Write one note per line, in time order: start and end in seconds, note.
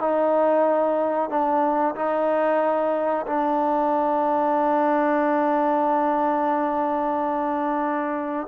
0.00 1.30 D#4
1.30 1.95 D4
1.95 3.25 D#4
3.26 8.47 D4